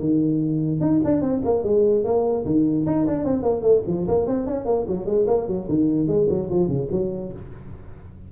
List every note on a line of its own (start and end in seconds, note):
0.00 0.81 D#3
0.81 1.01 D#4
1.05 1.22 D4
1.22 1.42 C4
1.45 1.64 A#3
1.64 2.04 G#3
2.05 2.45 A#3
2.45 2.86 D#3
2.86 3.07 D#4
3.07 3.25 D4
3.25 3.43 C4
3.43 3.62 A#3
3.62 3.82 A3
3.88 4.08 F3
4.08 4.27 A#3
4.27 4.47 C4
4.47 4.66 C#4
4.66 4.86 A#3
4.88 5.06 F#3
5.06 5.26 G#3
5.27 5.48 A#3
5.48 5.68 F#3
5.69 6.08 D#3
6.08 6.28 G#3
6.29 6.50 F#3
6.50 6.68 F3
6.68 6.88 C#3
6.92 7.32 F#3